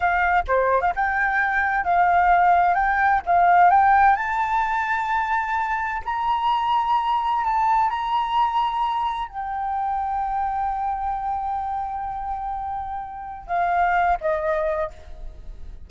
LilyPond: \new Staff \with { instrumentName = "flute" } { \time 4/4 \tempo 4 = 129 f''4 c''8. f''16 g''2 | f''2 g''4 f''4 | g''4 a''2.~ | a''4 ais''2. |
a''4 ais''2. | g''1~ | g''1~ | g''4 f''4. dis''4. | }